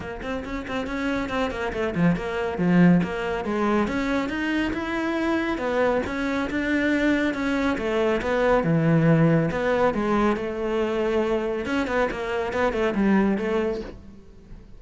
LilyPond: \new Staff \with { instrumentName = "cello" } { \time 4/4 \tempo 4 = 139 ais8 c'8 cis'8 c'8 cis'4 c'8 ais8 | a8 f8 ais4 f4 ais4 | gis4 cis'4 dis'4 e'4~ | e'4 b4 cis'4 d'4~ |
d'4 cis'4 a4 b4 | e2 b4 gis4 | a2. cis'8 b8 | ais4 b8 a8 g4 a4 | }